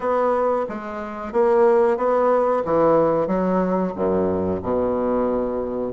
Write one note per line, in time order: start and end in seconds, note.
0.00 0.66 B3
0.69 1.32 G#3
1.32 1.97 A#3
1.97 2.63 B3
2.64 3.27 E3
3.27 3.93 F#3
3.95 4.61 F#2
4.62 5.93 B2